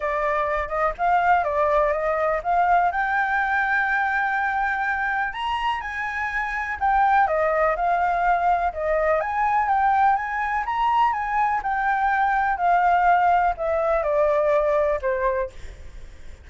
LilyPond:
\new Staff \with { instrumentName = "flute" } { \time 4/4 \tempo 4 = 124 d''4. dis''8 f''4 d''4 | dis''4 f''4 g''2~ | g''2. ais''4 | gis''2 g''4 dis''4 |
f''2 dis''4 gis''4 | g''4 gis''4 ais''4 gis''4 | g''2 f''2 | e''4 d''2 c''4 | }